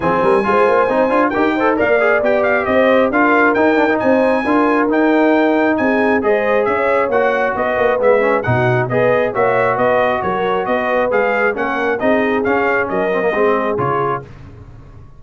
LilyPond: <<
  \new Staff \with { instrumentName = "trumpet" } { \time 4/4 \tempo 4 = 135 gis''2. g''4 | f''4 g''8 f''8 dis''4 f''4 | g''4 gis''2 g''4~ | g''4 gis''4 dis''4 e''4 |
fis''4 dis''4 e''4 fis''4 | dis''4 e''4 dis''4 cis''4 | dis''4 f''4 fis''4 dis''4 | f''4 dis''2 cis''4 | }
  \new Staff \with { instrumentName = "horn" } { \time 4/4 gis'8 ais'8 c''2 ais'8 c''8 | d''2 c''4 ais'4~ | ais'4 c''4 ais'2~ | ais'4 gis'4 c''4 cis''4~ |
cis''4 b'2 fis'4 | b'4 cis''4 b'4 ais'4 | b'2 ais'4 gis'4~ | gis'4 ais'4 gis'2 | }
  \new Staff \with { instrumentName = "trombone" } { \time 4/4 c'4 f'4 dis'8 f'8 g'8 a'8 | ais'8 gis'8 g'2 f'4 | dis'8 d'16 dis'4~ dis'16 f'4 dis'4~ | dis'2 gis'2 |
fis'2 b8 cis'8 dis'4 | gis'4 fis'2.~ | fis'4 gis'4 cis'4 dis'4 | cis'4. c'16 ais16 c'4 f'4 | }
  \new Staff \with { instrumentName = "tuba" } { \time 4/4 f8 g8 gis8 ais8 c'8 d'8 dis'4 | ais4 b4 c'4 d'4 | dis'4 c'4 d'4 dis'4~ | dis'4 c'4 gis4 cis'4 |
ais4 b8 ais8 gis4 b,4 | b4 ais4 b4 fis4 | b4 gis4 ais4 c'4 | cis'4 fis4 gis4 cis4 | }
>>